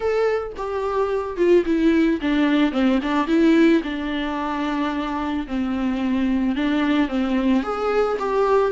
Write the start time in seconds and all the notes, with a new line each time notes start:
0.00 A4
0.56 G4
1.36 F4
1.65 E4
2.21 D4
2.72 C4
3.02 D4
3.27 E4
3.83 D4
5.47 C4
6.55 D4
7.08 C4
7.63 G#4
8.19 G4